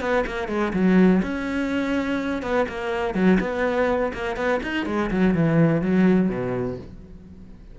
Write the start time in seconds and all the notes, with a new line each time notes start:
0.00 B3
0.26 A#3
0.48 G#3
0.73 F#3
1.22 C#4
2.42 B3
2.68 A#3
3.14 F#3
3.40 B3
4.13 A#3
4.36 B3
4.63 D#4
4.86 G#3
5.11 F#3
5.34 E3
5.82 F#3
6.29 B2